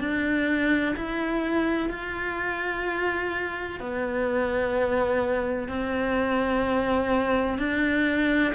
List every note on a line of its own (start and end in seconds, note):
0.00 0.95 D4
0.97 1.90 E4
1.90 3.80 F4
3.80 5.68 B3
5.68 7.58 C4
7.58 8.54 D4